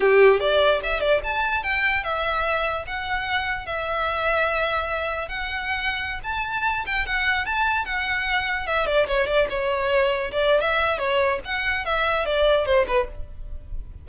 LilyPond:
\new Staff \with { instrumentName = "violin" } { \time 4/4 \tempo 4 = 147 g'4 d''4 e''8 d''8 a''4 | g''4 e''2 fis''4~ | fis''4 e''2.~ | e''4 fis''2~ fis''16 a''8.~ |
a''8. g''8 fis''4 a''4 fis''8.~ | fis''4~ fis''16 e''8 d''8 cis''8 d''8 cis''8.~ | cis''4~ cis''16 d''8. e''4 cis''4 | fis''4 e''4 d''4 c''8 b'8 | }